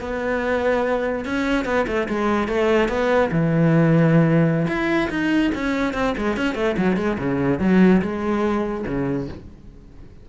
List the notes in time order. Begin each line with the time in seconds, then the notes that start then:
0.00 B3
1.25 C#4
1.65 B3
1.86 A3
2.08 G#3
2.47 A3
2.88 B3
3.31 E3
4.67 E4
5.09 D#4
5.54 C#4
5.93 C4
6.17 G#3
6.36 C#4
6.55 A3
6.77 F#3
6.96 G#3
7.18 C#3
7.59 F#3
8.01 G#3
8.86 C#3